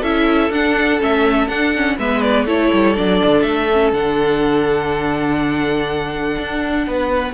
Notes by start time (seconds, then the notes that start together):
0.00 C#4 E4 A4 E5
0.50 D4 F#5
0.99 A3 C#4 E5
1.47 D4 F#5
1.75 C#4
1.98 G#3 B3 B4 E5
2.21 D5
2.45 A3 E4 A4 C#5
2.73 G3
2.95 F#3 D4 D5
3.24 D3
3.42 A3 E5
3.72 C#4
3.92 D3 D4 F#5
6.38 D4
6.86 B3 B4